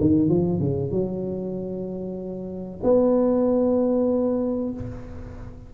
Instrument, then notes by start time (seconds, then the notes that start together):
tuba
0.00 D#3
0.29 F3
0.59 C#3
0.91 F#3
2.83 B3